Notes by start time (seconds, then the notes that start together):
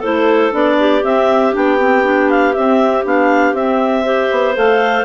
0.00 E4 A4 C5
0.06 A3
0.52 B3 D4 D5
0.80 G4
1.03 C4 E5
1.53 B3 D4 G5
1.78 C4
2.04 D4
2.31 F5
2.54 C4 E5
3.05 B3 D4 F5
3.53 C4 E5
4.05 G4 C5
4.32 B3
4.55 A3 A4 F5